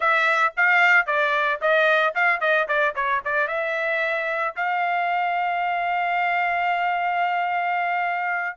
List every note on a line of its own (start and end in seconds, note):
0.00 0.53 E5
0.56 1.06 F5
1.06 1.60 D5
1.61 2.14 D#5
2.15 2.40 F5
2.40 2.67 D#5
2.67 2.94 D5
2.95 3.21 C#5
3.24 3.47 D5
3.47 4.54 E5
4.55 8.57 F5